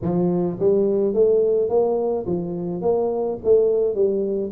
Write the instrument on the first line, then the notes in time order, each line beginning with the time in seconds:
tuba
0.02 F3
0.59 G3
1.13 A3
1.69 A#3
2.26 F3
2.81 A#3
3.44 A3
3.94 G3